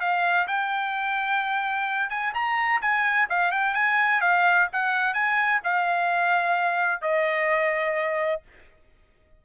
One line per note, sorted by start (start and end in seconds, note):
0.00 0.47 F5
0.48 2.09 G5
2.09 2.33 G#5
2.34 2.81 A#5
2.81 3.28 G#5
3.29 3.51 F5
3.51 3.74 G5
3.74 4.21 G#5
4.21 4.68 F5
4.72 5.14 F#5
5.14 5.61 G#5
5.64 7.01 F5
7.01 8.42 D#5